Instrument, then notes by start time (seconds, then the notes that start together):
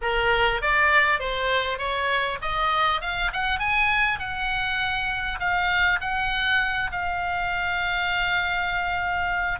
oboe
0.01 A#4
0.61 D5
1.19 C5
1.78 C#5
2.41 D#5
3.01 F5
3.32 F#5
3.59 G#5
4.19 F#5
5.39 F5
6.00 F#5
6.91 F5